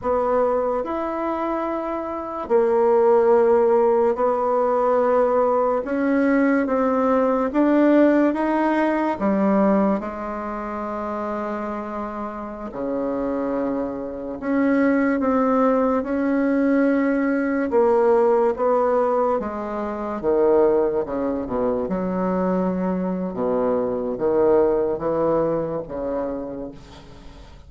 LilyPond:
\new Staff \with { instrumentName = "bassoon" } { \time 4/4 \tempo 4 = 72 b4 e'2 ais4~ | ais4 b2 cis'4 | c'4 d'4 dis'4 g4 | gis2.~ gis16 cis8.~ |
cis4~ cis16 cis'4 c'4 cis'8.~ | cis'4~ cis'16 ais4 b4 gis8.~ | gis16 dis4 cis8 b,8 fis4.~ fis16 | b,4 dis4 e4 cis4 | }